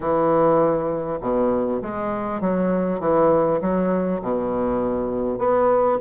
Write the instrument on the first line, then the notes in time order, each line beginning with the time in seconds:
bassoon
0.00 E3
1.20 B2
1.82 G#3
2.40 F#3
3.00 E3
3.61 F#3
4.21 B2
5.38 B3